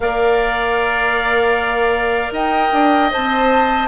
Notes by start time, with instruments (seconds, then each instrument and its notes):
0.00 bassoon A#3, clarinet A#4, oboe D5, flute F5
2.31 bassoon D#4, oboe D#5, flute G5
2.72 bassoon D4
3.11 bassoon C4, clarinet C5, flute A5